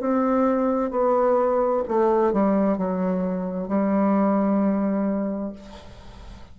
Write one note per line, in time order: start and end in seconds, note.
0.00 0.91 C4
0.91 1.83 B3
1.88 2.33 A3
2.33 2.77 G3
2.77 3.68 F#3
3.68 5.53 G3